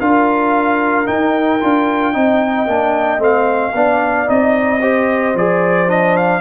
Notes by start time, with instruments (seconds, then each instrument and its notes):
0.00 tuba D4, trombone F4, horn A#4, trumpet F5
1.06 trombone D#4, tuba D#4, trumpet G5
1.60 tuba D4, trombone F4
2.13 tuba C4, trombone D#4, horn D#5
2.67 tuba A#3, trombone D4
3.19 tuba A3, trombone C4, trumpet F5
3.74 tuba B3, trombone D4, horn D5
4.26 tuba C4, trombone D#4, trumpet D#5
4.81 trombone G4, horn C5
5.35 tuba F3, trombone G#4, trumpet D5
5.87 trombone D4, trumpet D#5
6.17 trumpet F5